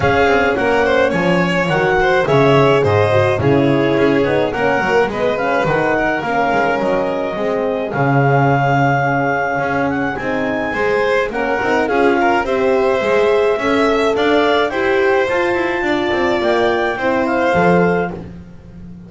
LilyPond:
<<
  \new Staff \with { instrumentName = "clarinet" } { \time 4/4 \tempo 4 = 106 f''4 fis''4 gis''4 fis''4 | e''4 dis''4 cis''2 | fis''4 dis''8 f''8 fis''4 f''4 | dis''2 f''2~ |
f''4. fis''8 gis''2 | fis''4 f''4 e''2~ | e''4 f''4 g''4 a''4~ | a''4 g''4. f''4. | }
  \new Staff \with { instrumentName = "violin" } { \time 4/4 gis'4 ais'8 c''8 cis''4. c''8 | cis''4 c''4 gis'2 | ais'4 b'4. ais'4.~ | ais'4 gis'2.~ |
gis'2. c''4 | ais'4 gis'8 ais'8 c''2 | e''4 d''4 c''2 | d''2 c''2 | }
  \new Staff \with { instrumentName = "horn" } { \time 4/4 cis'2. fis'4 | gis'4. fis'8 e'4. dis'8 | cis'8 ais8 b8 cis'8 dis'4 cis'4~ | cis'4 c'4 cis'2~ |
cis'2 dis'4 gis'4 | cis'8 dis'8 f'4 g'4 gis'4 | a'2 g'4 f'4~ | f'2 e'4 a'4 | }
  \new Staff \with { instrumentName = "double bass" } { \time 4/4 cis'8 c'8 ais4 f4 dis4 | cis4 gis,4 cis4 cis'8 b8 | ais8 fis8 gis4 dis4 ais8 gis8 | fis4 gis4 cis2~ |
cis4 cis'4 c'4 gis4 | ais8 c'8 cis'4 c'4 gis4 | cis'4 d'4 e'4 f'8 e'8 | d'8 c'8 ais4 c'4 f4 | }
>>